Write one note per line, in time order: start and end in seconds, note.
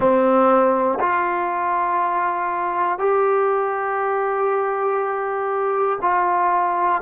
0.00 0.99 C4
0.99 2.99 F4
2.99 5.99 G4
6.01 7.01 F4